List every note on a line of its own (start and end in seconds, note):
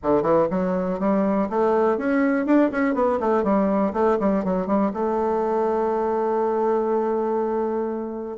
0.02 0.22 D3
0.22 0.47 E3
0.50 0.99 F#3
0.99 1.49 G3
1.49 1.97 A3
1.97 2.46 C#4
2.46 2.70 D4
2.71 2.94 C#4
2.94 3.19 B3
3.20 3.43 A3
3.43 3.92 G3
3.93 4.17 A3
4.19 4.44 G3
4.44 4.66 F#3
4.66 4.91 G3
4.93 8.37 A3